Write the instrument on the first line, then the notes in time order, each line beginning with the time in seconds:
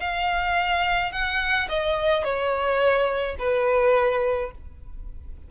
violin
0.00 F5
1.12 F#5
1.69 D#5
2.24 C#5
3.39 B4